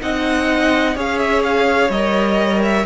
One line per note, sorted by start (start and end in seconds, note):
0.00 0.96 C4
0.00 0.95 D#4
0.00 0.95 D#5
0.00 0.96 F#5
0.95 1.89 C#4
0.95 1.90 G#4
0.95 2.86 C#5
0.95 1.18 F5
1.18 1.42 E5
1.43 1.90 F5
1.89 2.84 G3
1.89 2.86 A#4
1.89 2.62 D#5
2.62 2.86 E5